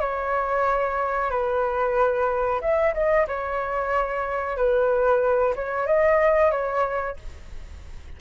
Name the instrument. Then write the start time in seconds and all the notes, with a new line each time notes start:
flute
0.00 C#5
1.30 B4
2.61 E5
2.94 D#5
3.28 C#5
4.57 B4
5.56 C#5
5.86 D#5
6.51 C#5